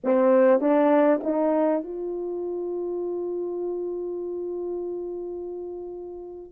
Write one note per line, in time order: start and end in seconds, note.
0.04 0.60 C4
0.60 1.20 D4
1.23 1.83 D#4
1.83 6.52 F4